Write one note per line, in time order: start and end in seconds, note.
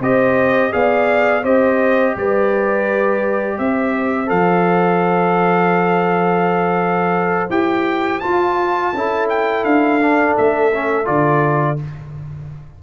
0.00 0.72 C4
0.00 0.72 G4
0.00 0.71 C5
0.00 0.73 D#5
0.72 1.44 B3
0.72 1.43 G#4
0.72 1.43 D5
0.72 1.44 F5
1.43 2.15 C4
1.43 4.26 G4
1.43 2.14 C5
1.43 2.16 D#5
2.16 3.59 G3
2.16 3.57 B4
2.16 3.58 D5
3.57 4.30 C4
3.57 8.92 C5
3.57 4.29 E5
4.26 7.50 F3
4.26 7.48 A4
4.26 7.51 F5
7.50 8.21 E4
7.50 8.21 G4
7.50 8.20 G5
8.20 8.93 F4
8.20 9.27 A5
8.93 9.64 C#4
8.93 10.01 E4
8.93 11.83 A4
9.29 9.64 G5
9.64 10.36 D4
9.64 10.35 F5
10.01 10.72 D4
10.37 11.08 A3
10.37 11.06 E5
10.73 11.05 C#4
11.05 11.80 D3
11.05 11.76 F4
11.05 11.78 D5